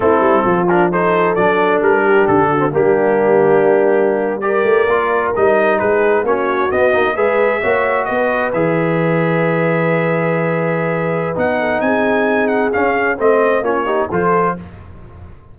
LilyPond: <<
  \new Staff \with { instrumentName = "trumpet" } { \time 4/4 \tempo 4 = 132 a'4. ais'8 c''4 d''4 | ais'4 a'4 g'2~ | g'4.~ g'16 d''2 dis''16~ | dis''8. b'4 cis''4 dis''4 e''16~ |
e''4.~ e''16 dis''4 e''4~ e''16~ | e''1~ | e''4 fis''4 gis''4. fis''8 | f''4 dis''4 cis''4 c''4 | }
  \new Staff \with { instrumentName = "horn" } { \time 4/4 e'4 f'4 a'2~ | a'8 g'4 fis'8 d'2~ | d'4.~ d'16 ais'2~ ais'16~ | ais'8. gis'4 fis'2 b'16~ |
b'8. cis''4 b'2~ b'16~ | b'1~ | b'4. a'8 gis'2~ | gis'4 c''4 f'8 g'8 a'4 | }
  \new Staff \with { instrumentName = "trombone" } { \time 4/4 c'4. d'8 dis'4 d'4~ | d'4.~ d'16 c'16 ais2~ | ais4.~ ais16 g'4 f'4 dis'16~ | dis'4.~ dis'16 cis'4 b8 dis'8 gis'16~ |
gis'8. fis'2 gis'4~ gis'16~ | gis'1~ | gis'4 dis'2. | cis'4 c'4 cis'8 dis'8 f'4 | }
  \new Staff \with { instrumentName = "tuba" } { \time 4/4 a8 g8 f2 fis4 | g4 d4 g2~ | g2~ g16 a8 ais4 g16~ | g8. gis4 ais4 b8 ais8 gis16~ |
gis8. ais4 b4 e4~ e16~ | e1~ | e4 b4 c'2 | cis'4 a4 ais4 f4 | }
>>